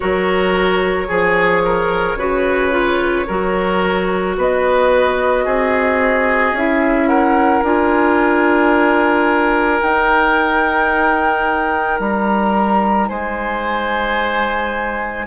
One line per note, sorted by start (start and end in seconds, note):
0.00 1.09 F#3
0.00 1.08 F#4
0.00 1.07 A#4
0.00 4.36 C#5
1.07 2.15 F3
1.07 1.62 G#4
1.07 2.17 G#4
1.65 2.18 A#4
2.15 3.24 C#3
2.15 2.70 F#4
2.15 3.27 B4
2.70 3.25 F4
3.27 4.37 F#3
3.27 6.56 F#4
3.27 4.36 A#4
4.37 5.45 B3
4.37 5.44 B4
4.37 6.57 D#5
5.44 6.52 C4
5.44 7.08 G#4
6.52 7.61 C#4
6.52 7.64 E4
6.52 7.08 E5
7.08 13.08 A#4
7.08 7.62 F#5
7.62 9.80 D4
7.62 9.82 F4
7.62 9.81 G#5
9.81 11.99 D#4
9.81 15.26 D#4
9.81 11.99 G5
11.99 13.08 G3
11.99 13.08 A#5
13.08 15.26 G#3
13.08 15.26 C5
13.08 15.26 G#5